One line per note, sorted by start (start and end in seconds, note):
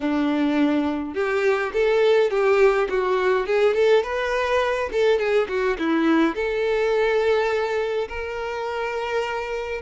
0.00 1.14 D4
1.14 1.72 G4
1.73 2.30 A4
2.30 2.88 G4
2.89 3.46 F#4
3.46 3.74 G#4
3.74 4.03 A4
4.03 4.89 B4
4.92 5.18 A4
5.18 5.47 G#4
5.48 5.77 F#4
5.78 6.35 E4
6.35 8.08 A4
8.08 9.81 A#4